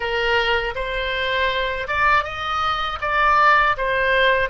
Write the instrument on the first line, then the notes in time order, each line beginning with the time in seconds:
oboe
0.00 A#4
0.75 C5
1.88 D5
2.23 D#5
3.01 D5
3.77 C5